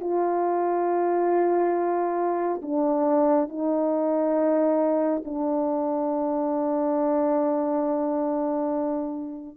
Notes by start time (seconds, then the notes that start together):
0.00 F4
2.62 D4
3.49 D#4
5.25 D4